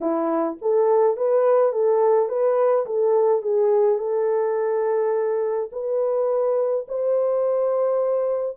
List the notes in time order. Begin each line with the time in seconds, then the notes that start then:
0.01 E4
0.61 A4
1.17 B4
1.72 A4
2.28 B4
2.86 A4
3.42 G#4
3.98 A4
5.72 B4
6.88 C5